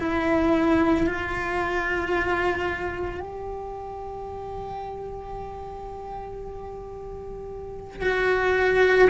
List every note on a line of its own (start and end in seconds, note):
0.00 1.07 E4
1.07 3.20 F4
3.20 8.02 G4
8.02 9.09 F#4